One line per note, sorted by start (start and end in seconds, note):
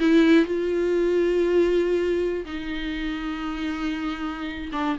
0.00 0.45 E4
0.45 2.45 F4
2.46 4.71 D#4
4.73 4.98 D4